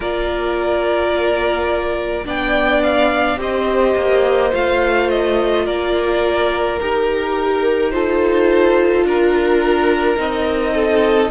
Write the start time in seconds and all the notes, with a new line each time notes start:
0.00 A#3 F4 A#4 D5
2.24 B3 D4 D5 G5
2.82 F5
3.37 C4 G4 C5 D#5
3.96 A#3
4.53 A3 F4 F5
5.09 D#5
5.65 A#3 A#4 D5
6.80 D#4 G4 A#4
7.91 F4 A4 C5
9.04 D4 A#4
10.16 C4 D#4 D#5
10.74 A4